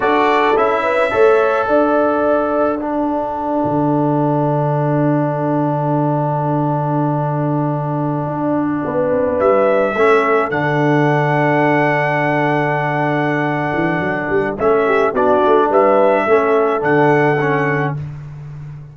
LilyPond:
<<
  \new Staff \with { instrumentName = "trumpet" } { \time 4/4 \tempo 4 = 107 d''4 e''2 fis''4~ | fis''1~ | fis''1~ | fis''1~ |
fis''8. e''2 fis''4~ fis''16~ | fis''1~ | fis''2 e''4 d''4 | e''2 fis''2 | }
  \new Staff \with { instrumentName = "horn" } { \time 4/4 a'4. b'8 cis''4 d''4~ | d''4 a'2.~ | a'1~ | a'2.~ a'8. b'16~ |
b'4.~ b'16 a'2~ a'16~ | a'1~ | a'2~ a'8 g'8 fis'4 | b'4 a'2. | }
  \new Staff \with { instrumentName = "trombone" } { \time 4/4 fis'4 e'4 a'2~ | a'4 d'2.~ | d'1~ | d'1~ |
d'4.~ d'16 cis'4 d'4~ d'16~ | d'1~ | d'2 cis'4 d'4~ | d'4 cis'4 d'4 cis'4 | }
  \new Staff \with { instrumentName = "tuba" } { \time 4/4 d'4 cis'4 a4 d'4~ | d'2~ d'8 d4.~ | d1~ | d2~ d8. d'4 b16~ |
b16 c'16 b16 g4 a4 d4~ d16~ | d1~ | d8 e8 fis8 g8 a4 b8 a8 | g4 a4 d2 | }
>>